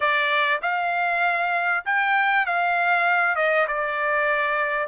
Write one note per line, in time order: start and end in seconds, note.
0.00 0.60 D5
0.62 1.84 F5
1.85 2.46 G5
2.46 3.35 F5
3.35 3.66 D#5
3.67 4.87 D5